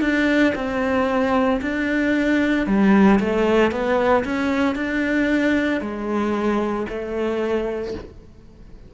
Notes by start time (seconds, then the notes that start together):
0.00 D4
0.55 C4
1.61 D4
2.66 G3
3.19 A3
3.71 B3
4.24 C#4
4.75 D4
5.80 G#3
6.89 A3